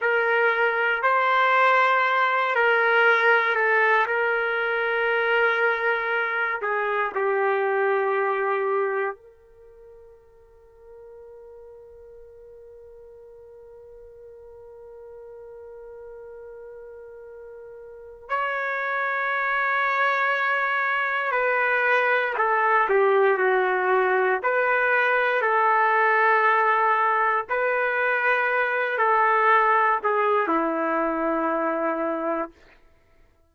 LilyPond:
\new Staff \with { instrumentName = "trumpet" } { \time 4/4 \tempo 4 = 59 ais'4 c''4. ais'4 a'8 | ais'2~ ais'8 gis'8 g'4~ | g'4 ais'2.~ | ais'1~ |
ais'2 cis''2~ | cis''4 b'4 a'8 g'8 fis'4 | b'4 a'2 b'4~ | b'8 a'4 gis'8 e'2 | }